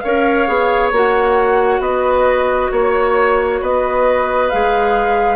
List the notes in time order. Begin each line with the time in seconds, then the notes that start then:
0.00 C#4 A#4 C#5 F5
0.48 B3 G#4
0.92 A#3 F#4 F#5
1.80 B3 B4 D#5
2.71 A#3 C#5
3.61 B3 B4 D#5
4.50 G#3 G#4 F5